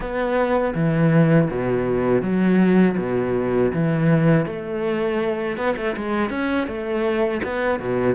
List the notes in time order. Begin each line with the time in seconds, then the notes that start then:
0.00 B3
0.74 E3
1.50 B2
2.22 F#3
2.97 B2
3.73 E3
4.46 A3
5.57 B3
5.76 A3
5.96 G#3
6.30 C#4
6.67 A3
7.43 B3
7.79 B2